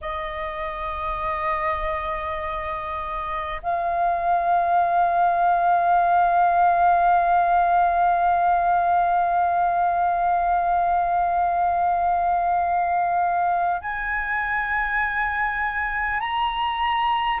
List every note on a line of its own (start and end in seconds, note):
0.01 3.61 D#5
3.63 13.81 F5
13.81 16.20 G#5
16.20 17.40 A#5